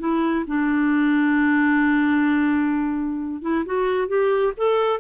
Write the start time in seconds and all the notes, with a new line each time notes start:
0.00 E4
0.48 D4
3.42 E4
3.66 F#4
4.08 G4
4.57 A4